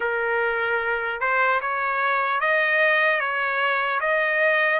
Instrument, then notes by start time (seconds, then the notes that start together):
trumpet
0.00 A#4
1.20 C5
1.61 C#5
2.40 D#5
3.20 C#5
4.00 D#5